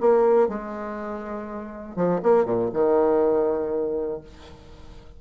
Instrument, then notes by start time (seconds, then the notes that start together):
bassoon
0.00 A#3
0.48 G#3
1.95 F3
2.22 A#3
2.45 A#2
2.73 D#3